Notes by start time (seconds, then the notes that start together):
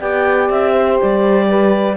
0.00 B3 G4 D5 G5
0.49 C4 E5
0.72 C5
1.01 G3 D5
1.47 B4